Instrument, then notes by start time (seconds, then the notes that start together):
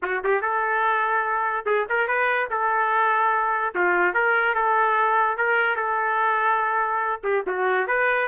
trumpet
0.02 F#4
0.24 G4
0.41 A4
1.65 G#4
1.89 A#4
2.07 B4
2.50 A4
3.74 F4
4.14 A#4
4.54 A4
5.37 A#4
5.76 A4
7.23 G4
7.46 F#4
7.87 B4